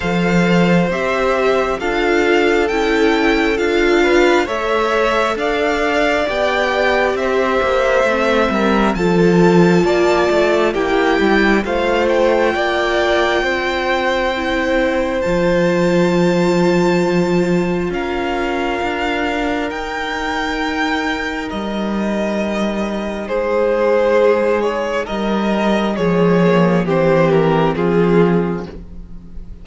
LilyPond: <<
  \new Staff \with { instrumentName = "violin" } { \time 4/4 \tempo 4 = 67 f''4 e''4 f''4 g''4 | f''4 e''4 f''4 g''4 | e''2 a''2 | g''4 f''8 g''2~ g''8~ |
g''4 a''2. | f''2 g''2 | dis''2 c''4. cis''8 | dis''4 cis''4 c''8 ais'8 gis'4 | }
  \new Staff \with { instrumentName = "violin" } { \time 4/4 c''2 a'2~ | a'8 b'8 cis''4 d''2 | c''4. ais'8 a'4 d''4 | g'4 c''4 d''4 c''4~ |
c''1 | ais'1~ | ais'2 gis'2 | ais'4 gis'4 g'4 f'4 | }
  \new Staff \with { instrumentName = "viola" } { \time 4/4 a'4 g'4 f'4 e'4 | f'4 a'2 g'4~ | g'4 c'4 f'2 | e'4 f'2. |
e'4 f'2.~ | f'2 dis'2~ | dis'1~ | dis'4 gis8 ais8 c'2 | }
  \new Staff \with { instrumentName = "cello" } { \time 4/4 f4 c'4 d'4 cis'4 | d'4 a4 d'4 b4 | c'8 ais8 a8 g8 f4 ais8 a8 | ais8 g8 a4 ais4 c'4~ |
c'4 f2. | cis'4 d'4 dis'2 | g2 gis2 | g4 f4 e4 f4 | }
>>